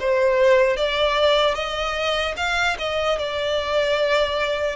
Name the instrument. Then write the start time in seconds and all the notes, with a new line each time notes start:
violin
0.00 C5
0.77 D5
1.55 D#5
2.37 F5
2.79 D#5
3.19 D5